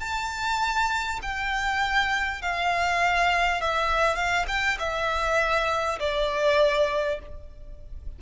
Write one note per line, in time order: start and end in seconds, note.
0.00 1.20 A5
1.22 2.42 G5
2.42 3.61 F5
3.61 4.16 E5
4.16 4.46 F5
4.48 4.78 G5
4.79 5.99 E5
5.99 7.19 D5